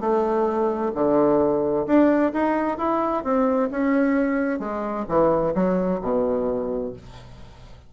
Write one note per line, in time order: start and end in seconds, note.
0.00 0.92 A3
0.94 1.86 D3
1.86 2.32 D4
2.33 2.78 D#4
2.78 3.23 E4
3.24 3.69 C4
3.71 4.59 C#4
4.59 5.05 G#3
5.08 5.54 E3
5.54 6.00 F#3
6.01 6.93 B2